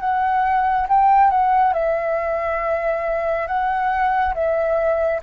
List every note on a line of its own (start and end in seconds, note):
0.00 0.87 F#5
0.89 1.30 G5
1.30 1.74 F#5
1.74 3.47 E5
3.47 4.34 F#5
4.34 5.21 E5